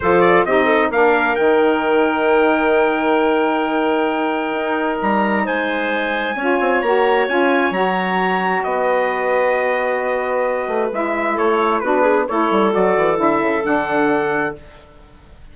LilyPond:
<<
  \new Staff \with { instrumentName = "trumpet" } { \time 4/4 \tempo 4 = 132 c''8 d''8 dis''4 f''4 g''4~ | g''1~ | g''2. ais''4 | gis''2. ais''4 |
gis''4 ais''2 dis''4~ | dis''1 | e''4 cis''4 b'4 cis''4 | d''4 e''4 fis''2 | }
  \new Staff \with { instrumentName = "clarinet" } { \time 4/4 a'4 g'8 a'8 ais'2~ | ais'1~ | ais'1 | c''2 cis''2~ |
cis''2. b'4~ | b'1~ | b'4 a'4 fis'8 gis'8 a'4~ | a'1 | }
  \new Staff \with { instrumentName = "saxophone" } { \time 4/4 f'4 dis'4 d'4 dis'4~ | dis'1~ | dis'1~ | dis'2 f'4 fis'4 |
f'4 fis'2.~ | fis'1 | e'2 d'4 e'4 | fis'4 e'4 d'2 | }
  \new Staff \with { instrumentName = "bassoon" } { \time 4/4 f4 c'4 ais4 dis4~ | dis1~ | dis2 dis'4 g4 | gis2 cis'8 c'8 ais4 |
cis'4 fis2 b4~ | b2.~ b8 a8 | gis4 a4 b4 a8 g8 | fis8 e8 d8 cis8 d2 | }
>>